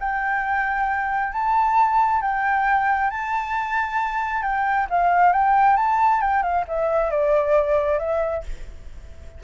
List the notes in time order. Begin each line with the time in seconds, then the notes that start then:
0.00 G5
1.33 A5
2.22 G5
3.10 A5
4.43 G5
4.90 F5
5.33 G5
5.77 A5
6.21 G5
6.43 F5
6.68 E5
7.11 D5
7.99 E5